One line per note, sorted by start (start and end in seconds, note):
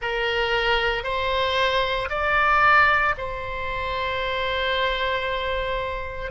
0.01 1.03 A#4
1.03 2.09 C5
2.09 3.14 D5
3.17 6.31 C5